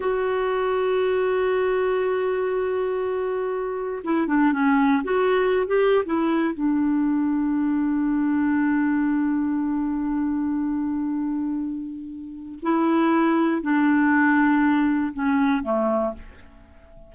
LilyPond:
\new Staff \with { instrumentName = "clarinet" } { \time 4/4 \tempo 4 = 119 fis'1~ | fis'1 | e'8 d'8 cis'4 fis'4~ fis'16 g'8. | e'4 d'2.~ |
d'1~ | d'1~ | d'4 e'2 d'4~ | d'2 cis'4 a4 | }